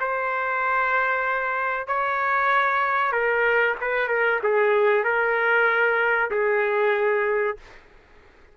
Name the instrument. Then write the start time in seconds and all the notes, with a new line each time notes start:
trumpet
0.00 C5
1.87 C#5
3.12 A#4
3.81 B4
4.08 A#4
4.43 G#4
5.04 A#4
6.31 G#4